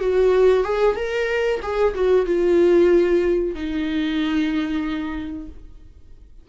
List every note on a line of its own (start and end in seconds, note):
0.00 0.64 F#4
0.64 0.96 G#4
0.96 1.60 A#4
1.62 1.94 G#4
1.95 2.26 F#4
2.26 3.55 F4
3.55 5.48 D#4